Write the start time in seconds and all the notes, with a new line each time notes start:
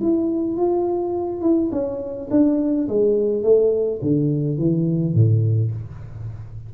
0.00 E4
0.57 F4
1.42 E4
1.72 C#4
2.31 D4
2.88 G#3
3.43 A3
4.02 D3
4.58 E3
5.14 A2